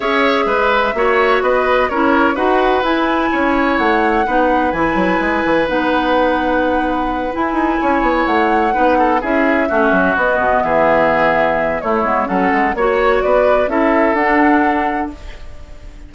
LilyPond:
<<
  \new Staff \with { instrumentName = "flute" } { \time 4/4 \tempo 4 = 127 e''2. dis''4 | cis''4 fis''4 gis''2 | fis''2 gis''2 | fis''2.~ fis''8 gis''8~ |
gis''4. fis''2 e''8~ | e''4. dis''4 e''4.~ | e''4 cis''4 fis''4 cis''4 | d''4 e''4 fis''2 | }
  \new Staff \with { instrumentName = "oboe" } { \time 4/4 cis''4 b'4 cis''4 b'4 | ais'4 b'2 cis''4~ | cis''4 b'2.~ | b'1~ |
b'8 cis''2 b'8 a'8 gis'8~ | gis'8 fis'2 gis'4.~ | gis'4 e'4 a'4 cis''4 | b'4 a'2. | }
  \new Staff \with { instrumentName = "clarinet" } { \time 4/4 gis'2 fis'2 | e'4 fis'4 e'2~ | e'4 dis'4 e'2 | dis'2.~ dis'8 e'8~ |
e'2~ e'8 dis'4 e'8~ | e'8 cis'4 b2~ b8~ | b4 a8 b8 cis'4 fis'4~ | fis'4 e'4 d'2 | }
  \new Staff \with { instrumentName = "bassoon" } { \time 4/4 cis'4 gis4 ais4 b4 | cis'4 dis'4 e'4 cis'4 | a4 b4 e8 fis8 gis8 e8 | b2.~ b8 e'8 |
dis'8 cis'8 b8 a4 b4 cis'8~ | cis'8 a8 fis8 b8 b,8 e4.~ | e4 a8 gis8 fis8 gis8 ais4 | b4 cis'4 d'2 | }
>>